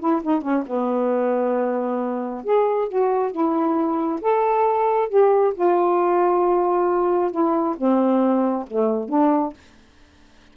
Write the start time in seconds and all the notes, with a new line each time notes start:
0.00 E4
0.23 D#4
0.42 C#4
0.67 B3
2.44 G#4
2.88 F#4
3.32 E4
4.22 A4
5.09 G4
5.55 F4
7.32 E4
7.77 C4
8.68 A3
9.09 D4